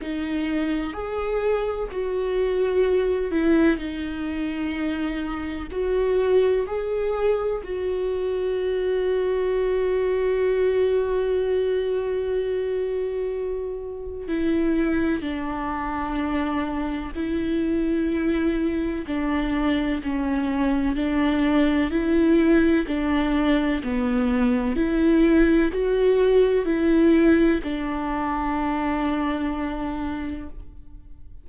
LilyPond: \new Staff \with { instrumentName = "viola" } { \time 4/4 \tempo 4 = 63 dis'4 gis'4 fis'4. e'8 | dis'2 fis'4 gis'4 | fis'1~ | fis'2. e'4 |
d'2 e'2 | d'4 cis'4 d'4 e'4 | d'4 b4 e'4 fis'4 | e'4 d'2. | }